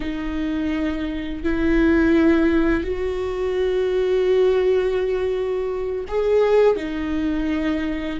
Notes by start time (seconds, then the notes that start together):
0.00 D#4
1.43 E4
2.83 F#4
6.08 G#4
6.76 D#4